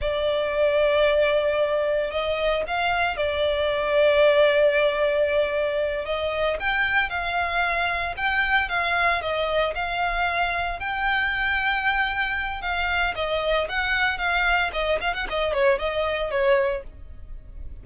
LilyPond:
\new Staff \with { instrumentName = "violin" } { \time 4/4 \tempo 4 = 114 d''1 | dis''4 f''4 d''2~ | d''2.~ d''8 dis''8~ | dis''8 g''4 f''2 g''8~ |
g''8 f''4 dis''4 f''4.~ | f''8 g''2.~ g''8 | f''4 dis''4 fis''4 f''4 | dis''8 f''16 fis''16 dis''8 cis''8 dis''4 cis''4 | }